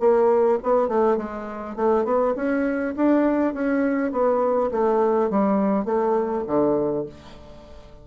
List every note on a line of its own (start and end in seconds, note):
0.00 0.59 A#3
0.63 0.88 B3
0.88 1.17 A3
1.17 1.76 G#3
1.76 2.05 A3
2.05 2.34 B3
2.36 2.95 C#4
2.97 3.54 D4
3.54 4.12 C#4
4.12 4.71 B3
4.72 5.30 A3
5.30 5.85 G3
5.85 6.44 A3
6.47 7.06 D3